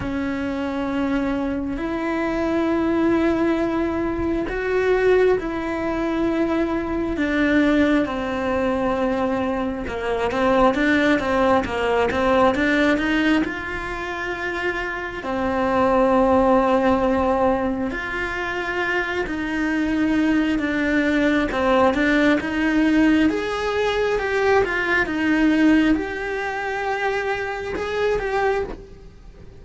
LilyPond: \new Staff \with { instrumentName = "cello" } { \time 4/4 \tempo 4 = 67 cis'2 e'2~ | e'4 fis'4 e'2 | d'4 c'2 ais8 c'8 | d'8 c'8 ais8 c'8 d'8 dis'8 f'4~ |
f'4 c'2. | f'4. dis'4. d'4 | c'8 d'8 dis'4 gis'4 g'8 f'8 | dis'4 g'2 gis'8 g'8 | }